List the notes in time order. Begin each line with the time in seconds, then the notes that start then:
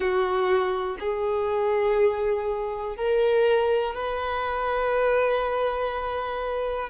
0.00 F#4
0.99 G#4
2.96 A#4
3.94 B4